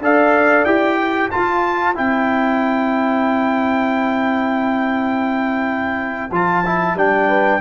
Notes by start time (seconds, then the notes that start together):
0.00 D4 A4 D5 F5
0.65 E4 G4 G5
1.00 C5
1.30 F4 A5
1.95 C4 E4 G5
6.31 F3 F4 A5
6.66 E4
6.94 G3 D4 G5
7.28 B4